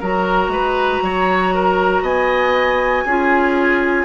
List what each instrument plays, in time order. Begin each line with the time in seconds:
0.00 bassoon F#3, clarinet F#4, oboe A#4, flute A#5
0.48 bassoon G#3, oboe B4
1.02 bassoon F#3, oboe C#5
1.54 oboe A#4
2.02 bassoon B3, oboe D#5, flute G#5
3.05 bassoon C#4, clarinet F4, oboe G#4